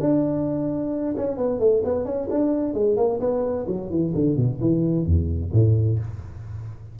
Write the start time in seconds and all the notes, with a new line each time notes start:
0.00 D4
1.17 C#4
1.37 B3
1.59 A3
1.84 B3
2.05 C#4
2.30 D4
2.74 G#3
2.97 A#3
3.20 B3
3.67 F#3
3.90 E3
4.15 D3
4.37 B2
4.61 E3
5.06 E2
5.53 A2